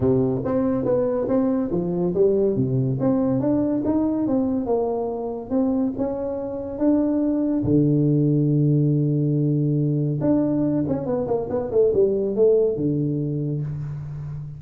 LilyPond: \new Staff \with { instrumentName = "tuba" } { \time 4/4 \tempo 4 = 141 c4 c'4 b4 c'4 | f4 g4 c4 c'4 | d'4 dis'4 c'4 ais4~ | ais4 c'4 cis'2 |
d'2 d2~ | d1 | d'4. cis'8 b8 ais8 b8 a8 | g4 a4 d2 | }